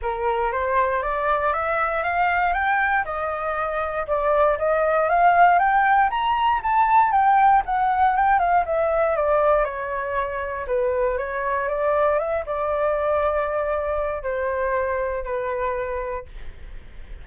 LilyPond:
\new Staff \with { instrumentName = "flute" } { \time 4/4 \tempo 4 = 118 ais'4 c''4 d''4 e''4 | f''4 g''4 dis''2 | d''4 dis''4 f''4 g''4 | ais''4 a''4 g''4 fis''4 |
g''8 f''8 e''4 d''4 cis''4~ | cis''4 b'4 cis''4 d''4 | e''8 d''2.~ d''8 | c''2 b'2 | }